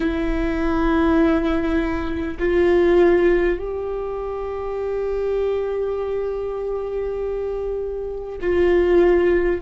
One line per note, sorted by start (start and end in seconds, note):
0.00 2.37 E4
2.39 3.58 F4
3.58 8.38 G4
8.41 9.61 F4